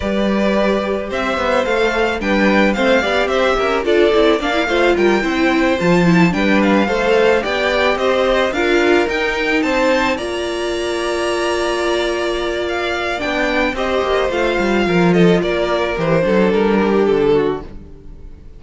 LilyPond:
<<
  \new Staff \with { instrumentName = "violin" } { \time 4/4 \tempo 4 = 109 d''2 e''4 f''4 | g''4 f''4 e''4 d''4 | f''4 g''4. a''4 g''8 | f''4. g''4 dis''4 f''8~ |
f''8 g''4 a''4 ais''4.~ | ais''2. f''4 | g''4 dis''4 f''4. dis''8 | d''4 c''4 ais'4 a'4 | }
  \new Staff \with { instrumentName = "violin" } { \time 4/4 b'2 c''2 | b'4 c''8 d''8 c''8 ais'8 a'4 | d''8 c''8 ais'8 c''2 b'8~ | b'8 c''4 d''4 c''4 ais'8~ |
ais'4. c''4 d''4.~ | d''1~ | d''4 c''2 ais'8 a'8 | ais'4. a'4 g'4 fis'8 | }
  \new Staff \with { instrumentName = "viola" } { \time 4/4 g'2. a'4 | d'4 c'8 g'4. f'8 e'8 | d'16 e'16 f'4 e'4 f'8 e'8 d'8~ | d'8 a'4 g'2 f'8~ |
f'8 dis'2 f'4.~ | f'1 | d'4 g'4 f'2~ | f'4 g'8 d'2~ d'8 | }
  \new Staff \with { instrumentName = "cello" } { \time 4/4 g2 c'8 b8 a4 | g4 a8 b8 c'8 cis'8 d'8 c'8 | ais8 a8 g8 c'4 f4 g8~ | g8 a4 b4 c'4 d'8~ |
d'8 dis'4 c'4 ais4.~ | ais1 | b4 c'8 ais8 a8 g8 f4 | ais4 e8 fis8 g4 d4 | }
>>